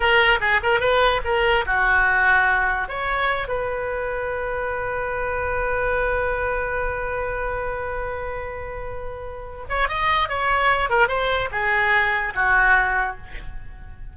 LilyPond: \new Staff \with { instrumentName = "oboe" } { \time 4/4 \tempo 4 = 146 ais'4 gis'8 ais'8 b'4 ais'4 | fis'2. cis''4~ | cis''8 b'2.~ b'8~ | b'1~ |
b'1~ | b'2.~ b'8 cis''8 | dis''4 cis''4. ais'8 c''4 | gis'2 fis'2 | }